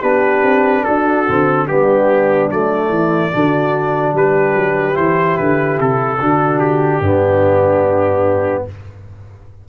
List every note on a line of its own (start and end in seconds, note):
0.00 0.42 B3
0.00 1.25 D4
0.00 0.82 G4
0.00 0.84 B4
0.42 0.83 C4
0.84 1.28 D4
0.84 1.67 F#4
0.84 1.66 A4
1.28 1.70 D3
1.28 1.68 C4
1.67 2.51 G3
1.67 2.49 B3
1.67 2.93 D4
1.67 2.49 G4
2.49 2.89 F#3
2.49 3.32 A3
2.49 4.15 D5
2.89 3.30 E3
2.89 3.34 E4
3.32 4.12 D3
3.32 4.93 D4
3.32 4.15 F#4
4.12 4.54 G3
4.12 6.20 G4
4.12 4.96 B4
4.55 4.96 F#3
4.93 5.37 E3
4.93 6.16 E4
4.93 5.37 C5
5.37 5.79 D3
5.37 5.78 B4
5.79 6.19 C3
5.79 6.58 A4
6.19 7.00 D3
6.19 7.03 D4
6.19 7.01 F#4
6.58 8.64 G4
7.00 8.64 G2
7.00 8.68 B3
7.00 8.65 D4